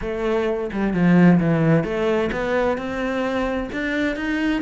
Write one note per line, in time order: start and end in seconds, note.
0.01 0.70 A3
0.72 0.93 G3
0.93 1.39 F3
1.40 1.84 E3
1.84 2.30 A3
2.31 2.77 B3
2.77 3.69 C4
3.72 4.16 D4
4.16 4.61 D#4